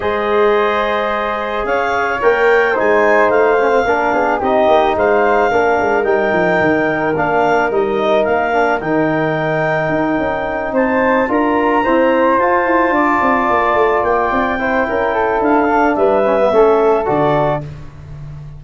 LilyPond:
<<
  \new Staff \with { instrumentName = "clarinet" } { \time 4/4 \tempo 4 = 109 dis''2. f''4 | g''4 gis''4 f''2 | dis''4 f''2 g''4~ | g''4 f''4 dis''4 f''4 |
g''2.~ g''8 a''8~ | a''8 ais''2 a''4.~ | a''4. g''2~ g''8 | f''4 e''2 d''4 | }
  \new Staff \with { instrumentName = "flute" } { \time 4/4 c''2. cis''4~ | cis''4 c''2 ais'8 gis'8 | g'4 c''4 ais'2~ | ais'1~ |
ais'2.~ ais'8 c''8~ | c''8 ais'4 c''2 d''8~ | d''2~ d''8 c''8 ais'8 a'8~ | a'4 b'4 a'2 | }
  \new Staff \with { instrumentName = "trombone" } { \time 4/4 gis'1 | ais'4 dis'4. cis'16 c'16 d'4 | dis'2 d'4 dis'4~ | dis'4 d'4 dis'4. d'8 |
dis'1~ | dis'8 f'4 c'4 f'4.~ | f'2~ f'8 e'4.~ | e'8 d'4 cis'16 b16 cis'4 fis'4 | }
  \new Staff \with { instrumentName = "tuba" } { \time 4/4 gis2. cis'4 | ais4 gis4 a4 ais8 b8 | c'8 ais8 gis4 ais8 gis8 g8 f8 | dis4 ais4 g4 ais4 |
dis2 dis'8 cis'4 c'8~ | c'8 d'4 e'4 f'8 e'8 d'8 | c'8 ais8 a8 ais8 c'4 cis'4 | d'4 g4 a4 d4 | }
>>